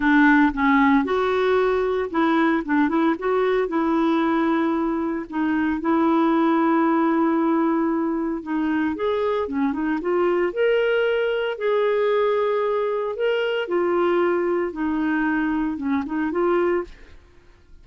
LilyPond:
\new Staff \with { instrumentName = "clarinet" } { \time 4/4 \tempo 4 = 114 d'4 cis'4 fis'2 | e'4 d'8 e'8 fis'4 e'4~ | e'2 dis'4 e'4~ | e'1 |
dis'4 gis'4 cis'8 dis'8 f'4 | ais'2 gis'2~ | gis'4 ais'4 f'2 | dis'2 cis'8 dis'8 f'4 | }